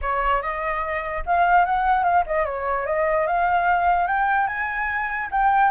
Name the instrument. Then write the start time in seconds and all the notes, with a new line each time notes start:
flute
0.01 C#5
0.42 D#5
1.26 F5
1.65 F#5
2.03 F5
2.26 D#5
2.45 C#5
2.86 D#5
3.26 F5
4.07 G5
4.47 G#5
5.31 G5